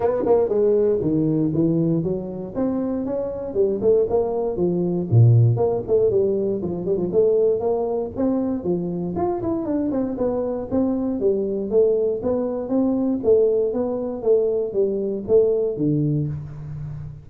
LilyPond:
\new Staff \with { instrumentName = "tuba" } { \time 4/4 \tempo 4 = 118 b8 ais8 gis4 dis4 e4 | fis4 c'4 cis'4 g8 a8 | ais4 f4 ais,4 ais8 a8 | g4 f8 g16 f16 a4 ais4 |
c'4 f4 f'8 e'8 d'8 c'8 | b4 c'4 g4 a4 | b4 c'4 a4 b4 | a4 g4 a4 d4 | }